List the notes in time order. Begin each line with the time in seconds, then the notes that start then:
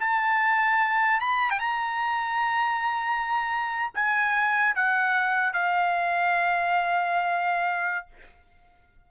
0.00 A5
1.21 B5
1.51 G5
1.60 A#5
3.95 G#5
4.76 F#5
5.54 F5